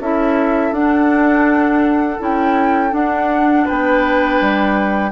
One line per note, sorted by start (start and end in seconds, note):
0.00 0.72 C#4
0.00 0.75 E4
0.00 3.65 A4
0.00 0.74 E5
0.72 2.18 D4
0.72 2.20 D4
0.72 2.20 F#5
2.20 2.93 C#4
2.20 2.91 E4
2.20 2.94 G5
2.91 5.10 D4
2.91 3.66 D4
2.91 3.68 F#5
3.65 4.41 B3
3.65 5.11 B4
3.65 5.12 G5
4.41 5.12 G3